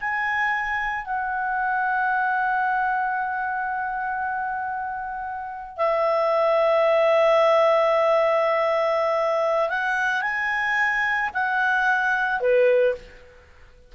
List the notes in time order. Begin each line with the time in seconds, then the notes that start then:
0.00 G#5
1.05 F#5
5.77 E5
9.69 F#5
10.21 G#5
11.33 F#5
12.40 B4